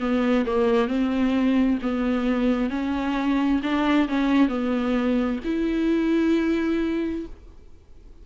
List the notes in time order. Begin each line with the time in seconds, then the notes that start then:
0.00 B3
0.46 A#3
0.88 C4
1.82 B3
2.70 C#4
3.63 D4
4.09 C#4
4.48 B3
5.44 E4